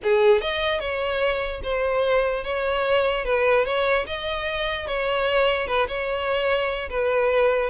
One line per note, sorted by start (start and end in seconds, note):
0.03 0.41 G#4
0.41 0.80 D#5
0.80 1.61 C#5
1.63 2.44 C5
2.44 3.24 C#5
3.24 3.65 B4
3.65 4.05 C#5
4.07 4.87 D#5
4.87 5.67 C#5
5.67 5.87 B4
5.87 6.89 C#5
6.89 7.69 B4